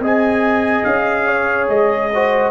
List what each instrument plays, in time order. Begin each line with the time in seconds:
0.00 tuba C4, trombone G#4, horn D#5, trumpet G#5
0.84 tuba C#4, trumpet F5
1.27 horn C#5
1.69 tuba G#3, trumpet D#5
2.14 trombone F#4, horn C5